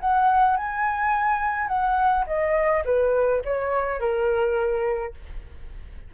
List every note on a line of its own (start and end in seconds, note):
0.00 0.56 F#5
0.56 1.68 G#5
1.68 2.25 F#5
2.26 2.84 D#5
2.85 3.42 B4
3.44 3.99 C#5
3.99 5.14 A#4